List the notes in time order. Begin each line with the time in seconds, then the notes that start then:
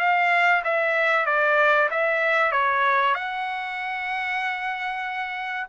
0.00 F5
0.65 E5
1.26 D5
1.91 E5
2.52 C#5
3.15 F#5